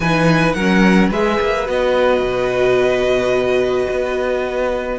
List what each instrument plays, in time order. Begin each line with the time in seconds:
0.00 cello E3, viola D#4, violin B4 G#5
0.52 cello F#3, viola C#4, violin A#4 F#5
1.09 cello G#3, viola G#4, violin B4 E5
1.40 cello A#3
1.65 cello B3, viola F#4, violin D#5
2.20 cello B2
3.90 cello B3